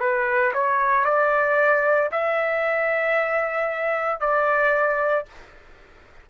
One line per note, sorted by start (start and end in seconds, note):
0.00 0.53 B4
0.54 1.05 C#5
1.05 2.10 D5
2.11 4.21 E5
4.21 5.26 D5